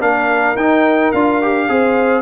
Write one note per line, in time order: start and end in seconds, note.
0.00 0.55 A#3
0.00 0.56 D4
0.00 1.70 A#4
0.00 0.56 F5
0.55 1.11 D#4
0.55 1.15 D#4
0.55 1.12 G5
1.12 1.69 D4
1.12 1.41 F4
1.12 2.22 F5
1.41 1.68 G4
1.68 2.22 C4
1.68 2.22 G#4
1.68 2.22 C5